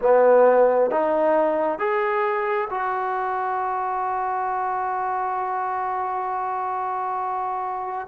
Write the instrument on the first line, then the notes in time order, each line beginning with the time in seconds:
trombone
0.01 B3
0.90 D#4
1.79 G#4
2.70 F#4